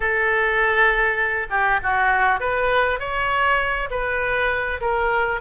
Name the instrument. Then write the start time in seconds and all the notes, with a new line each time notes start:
oboe
0.00 A4
1.50 G4
1.82 F#4
2.40 B4
2.99 C#5
3.90 B4
4.80 A#4